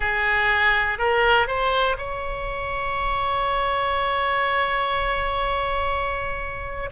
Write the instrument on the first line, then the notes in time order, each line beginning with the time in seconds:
oboe
0.00 G#4
0.98 A#4
1.47 C5
1.97 C#5